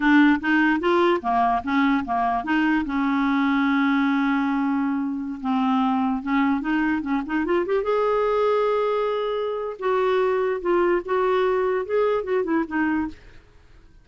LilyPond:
\new Staff \with { instrumentName = "clarinet" } { \time 4/4 \tempo 4 = 147 d'4 dis'4 f'4 ais4 | cis'4 ais4 dis'4 cis'4~ | cis'1~ | cis'4~ cis'16 c'2 cis'8.~ |
cis'16 dis'4 cis'8 dis'8 f'8 g'8 gis'8.~ | gis'1 | fis'2 f'4 fis'4~ | fis'4 gis'4 fis'8 e'8 dis'4 | }